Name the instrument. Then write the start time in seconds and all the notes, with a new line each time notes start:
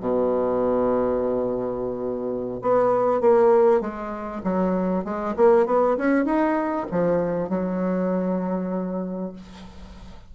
bassoon
0.00 B2
2.62 B3
3.21 A#3
3.81 G#3
4.44 F#3
5.05 G#3
5.37 A#3
5.66 B3
5.97 C#4
6.25 D#4
6.92 F3
7.49 F#3